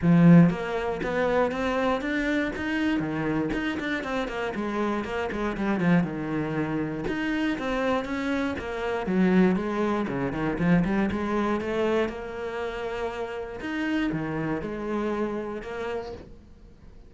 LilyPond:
\new Staff \with { instrumentName = "cello" } { \time 4/4 \tempo 4 = 119 f4 ais4 b4 c'4 | d'4 dis'4 dis4 dis'8 d'8 | c'8 ais8 gis4 ais8 gis8 g8 f8 | dis2 dis'4 c'4 |
cis'4 ais4 fis4 gis4 | cis8 dis8 f8 g8 gis4 a4 | ais2. dis'4 | dis4 gis2 ais4 | }